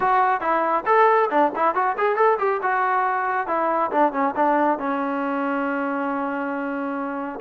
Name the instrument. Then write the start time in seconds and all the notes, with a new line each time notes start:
trombone
0.00 F#4
0.41 E4
0.86 A4
1.30 D4
1.55 E4
1.74 F#4
1.97 G#4
2.16 A4
2.39 G4
2.62 F#4
3.47 E4
3.91 D4
4.12 C#4
4.36 D4
4.78 C#4